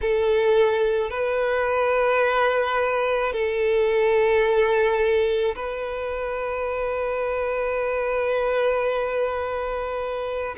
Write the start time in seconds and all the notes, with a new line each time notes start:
0.01 A4
1.10 B4
3.32 A4
5.55 B4